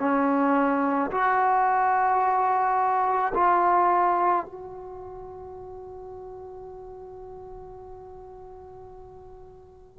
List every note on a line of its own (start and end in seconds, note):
0.00 1.11 C#4
1.11 3.33 F#4
3.34 4.45 F4
4.45 9.99 F#4